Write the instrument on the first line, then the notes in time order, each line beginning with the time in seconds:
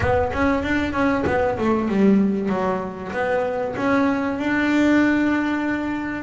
double bass
0.00 B3
0.32 C#4
0.63 D4
0.92 C#4
1.26 B3
1.58 A3
1.88 G3
2.49 F#3
3.12 B3
3.76 C#4
4.38 D4